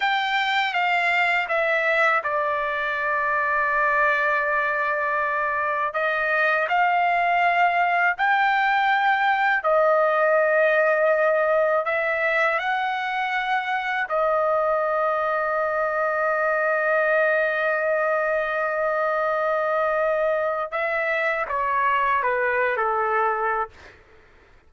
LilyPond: \new Staff \with { instrumentName = "trumpet" } { \time 4/4 \tempo 4 = 81 g''4 f''4 e''4 d''4~ | d''1 | dis''4 f''2 g''4~ | g''4 dis''2. |
e''4 fis''2 dis''4~ | dis''1~ | dis''1 | e''4 cis''4 b'8. a'4~ a'16 | }